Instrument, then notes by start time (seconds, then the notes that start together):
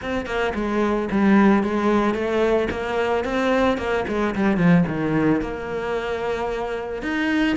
cello
0.01 C4
0.26 A#3
0.55 G#3
1.11 G3
1.63 G#3
2.14 A3
2.70 A#3
3.24 C4
3.77 A#3
4.07 G#3
4.35 G3
4.57 F3
4.87 D#3
5.41 A#3
7.02 D#4